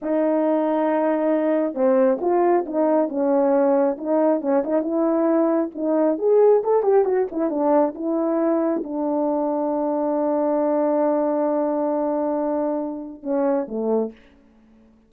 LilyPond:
\new Staff \with { instrumentName = "horn" } { \time 4/4 \tempo 4 = 136 dis'1 | c'4 f'4 dis'4 cis'4~ | cis'4 dis'4 cis'8 dis'8 e'4~ | e'4 dis'4 gis'4 a'8 g'8 |
fis'8 e'8 d'4 e'2 | d'1~ | d'1~ | d'2 cis'4 a4 | }